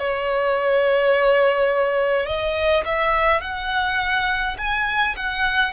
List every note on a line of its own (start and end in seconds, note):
0.00 2.27 C#5
2.27 2.84 D#5
2.86 3.41 E5
3.41 4.57 F#5
4.58 5.16 G#5
5.17 5.73 F#5